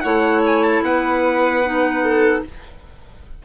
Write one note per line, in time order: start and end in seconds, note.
0.00 0.81 A3
0.00 1.63 E4
0.00 0.83 C#5
0.00 0.40 F#5
0.45 0.62 G#5
0.62 0.83 A5
0.81 2.41 B3
0.81 2.02 B4
0.81 2.44 F#5
1.65 2.45 D#4
2.02 2.42 A4